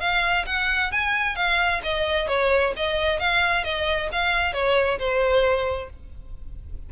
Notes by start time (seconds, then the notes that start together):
0.00 F5
0.46 F#5
0.92 G#5
1.36 F5
1.83 D#5
2.28 C#5
2.76 D#5
3.20 F5
3.64 D#5
4.12 F5
4.53 C#5
4.99 C5